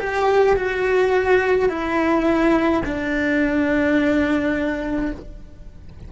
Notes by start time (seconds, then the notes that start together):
0.00 G4
0.56 F#4
1.69 E4
2.85 D4